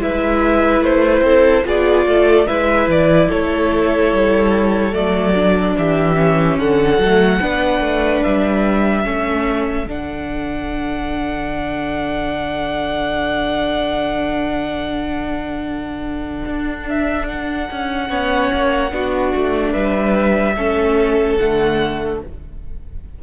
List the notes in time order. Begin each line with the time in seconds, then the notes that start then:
0.00 G#3 E4 B4 E5
0.80 A3 C5
1.21 C4 A4
1.64 B3 F4 G#4 D5
2.05 A3 A4
2.47 G#3 E4 B4 E5
2.87 E3 D5
3.29 A3 A4 C#5
4.12 G3
4.93 F#3 A3 D5
5.35 D4
5.78 E3 G4 E5
6.15 C#4
6.58 D3 A4 F#5
6.98 F#3
7.05 A3
7.41 B3 D4 B4
7.80 A3
8.23 G3 E5
9.04 A3 C#4 A4
9.86 D3 D4 F#5
16.45 D4
16.88 E5
17.27 F#5
17.71 C#4
18.08 B3 C#4 C#5
18.53 A#3
18.91 B3 D4 F#4
19.35 A3
19.71 G3 B4 E5
20.56 A3 C#4 A4
21.36 D3 A3 F#5